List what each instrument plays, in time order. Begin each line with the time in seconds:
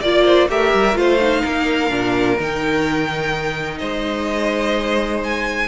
0.00 cello A#3, viola F4, violin D5
0.24 violin C5
0.49 cello A3, viola G4, violin A#4 E5
0.73 cello G3
0.94 cello A3, viola F4, violin C5 F5
1.20 viola D#4
1.41 cello A#3, violin A#4
1.89 cello A#2, viola D4
2.39 cello D#3, viola D#4, violin G5
3.78 cello G#3, violin C5 D#5
5.23 violin G#5